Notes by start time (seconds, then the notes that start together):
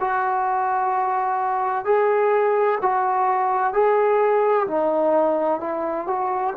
0.00 F#4
1.85 G#4
2.82 F#4
3.73 G#4
4.67 D#4
5.60 E4
6.07 F#4